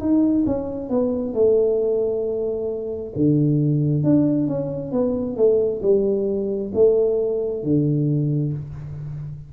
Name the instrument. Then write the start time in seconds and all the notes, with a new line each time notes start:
tuba
0.00 D#4
0.46 C#4
0.90 B3
1.34 A3
3.15 D3
4.03 D4
4.48 C#4
4.92 B3
5.36 A3
5.82 G3
6.74 A3
7.64 D3